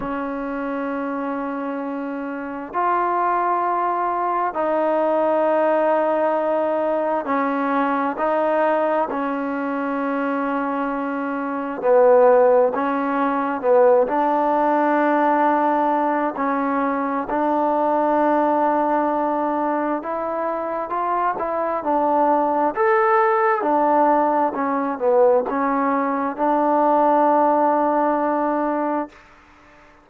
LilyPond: \new Staff \with { instrumentName = "trombone" } { \time 4/4 \tempo 4 = 66 cis'2. f'4~ | f'4 dis'2. | cis'4 dis'4 cis'2~ | cis'4 b4 cis'4 b8 d'8~ |
d'2 cis'4 d'4~ | d'2 e'4 f'8 e'8 | d'4 a'4 d'4 cis'8 b8 | cis'4 d'2. | }